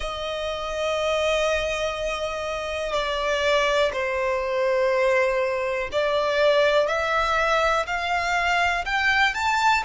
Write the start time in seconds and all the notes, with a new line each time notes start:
0.00 D#5
2.93 D5
3.93 C5
5.92 D5
6.87 E5
7.86 F5
8.85 G5
9.34 A5